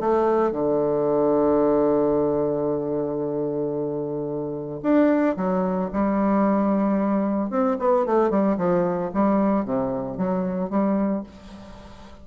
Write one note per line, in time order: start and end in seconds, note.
0.00 0.52 A3
0.52 4.80 D3
4.83 5.36 D4
5.36 5.90 F#3
5.93 7.50 G3
7.50 7.77 C4
7.79 8.06 B3
8.06 8.30 A3
8.30 8.57 G3
8.57 9.11 F3
9.14 9.65 G3
9.65 10.17 C3
10.17 10.70 F#3
10.70 11.23 G3